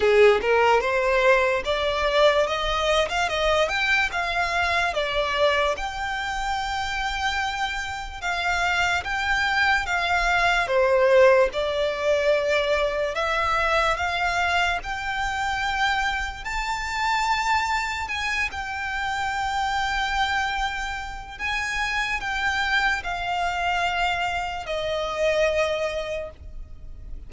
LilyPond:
\new Staff \with { instrumentName = "violin" } { \time 4/4 \tempo 4 = 73 gis'8 ais'8 c''4 d''4 dis''8. f''16 | dis''8 g''8 f''4 d''4 g''4~ | g''2 f''4 g''4 | f''4 c''4 d''2 |
e''4 f''4 g''2 | a''2 gis''8 g''4.~ | g''2 gis''4 g''4 | f''2 dis''2 | }